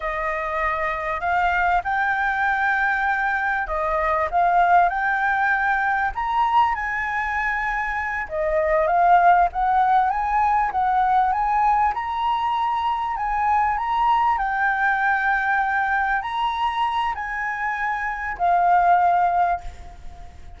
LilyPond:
\new Staff \with { instrumentName = "flute" } { \time 4/4 \tempo 4 = 98 dis''2 f''4 g''4~ | g''2 dis''4 f''4 | g''2 ais''4 gis''4~ | gis''4. dis''4 f''4 fis''8~ |
fis''8 gis''4 fis''4 gis''4 ais''8~ | ais''4. gis''4 ais''4 g''8~ | g''2~ g''8 ais''4. | gis''2 f''2 | }